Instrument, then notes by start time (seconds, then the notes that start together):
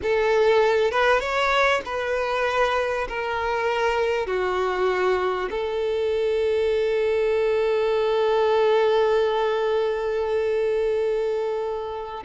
violin
0.02 A4
0.91 B4
1.20 C#5
1.85 B4
3.08 A#4
4.26 F#4
5.50 A4